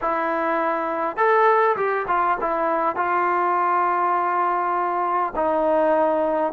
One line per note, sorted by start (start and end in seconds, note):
0.01 1.16 E4
1.16 1.76 A4
1.76 2.06 G4
2.07 2.37 F4
2.40 2.95 E4
2.95 5.33 F4
5.35 6.52 D#4